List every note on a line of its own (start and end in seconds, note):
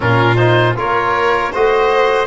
0.00 0.77 A#2
0.00 0.36 C#4
0.00 0.76 F4
0.00 0.36 A#4
0.36 0.74 D#4
0.36 0.74 C5
0.75 1.53 A#3
0.75 1.51 F4
0.75 1.52 A#4
0.75 1.54 C#5
1.52 2.26 A3
1.52 2.26 F#4
1.52 2.26 C5
1.52 2.26 D#5